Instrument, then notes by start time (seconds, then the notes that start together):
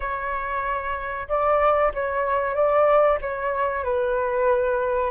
flute
0.00 C#5
1.28 D5
1.94 C#5
2.54 D5
3.21 C#5
3.84 B4